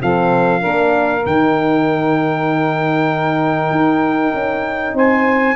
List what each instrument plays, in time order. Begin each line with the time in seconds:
0.00 tuba F3, horn C4, saxophone A4, trumpet F5
0.60 tuba A#3, horn D4, saxophone A#4
1.26 tuba D#3, horn D#4, trumpet G5
3.71 tuba D#4
4.33 tuba C#4
4.94 tuba C4, saxophone C5, trumpet G#5